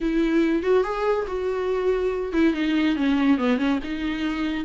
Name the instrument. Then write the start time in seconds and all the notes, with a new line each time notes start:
viola
0.00 E4
0.62 F#4
0.83 G#4
1.27 F#4
2.32 E4
2.53 D#4
2.96 C#4
3.38 B3
3.58 C#4
3.83 D#4